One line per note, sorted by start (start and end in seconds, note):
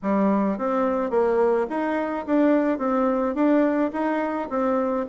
0.02 0.58 G3
0.58 1.10 C4
1.10 1.66 A#3
1.69 2.25 D#4
2.26 2.78 D4
2.78 3.34 C4
3.34 3.90 D4
3.92 4.48 D#4
4.49 5.05 C4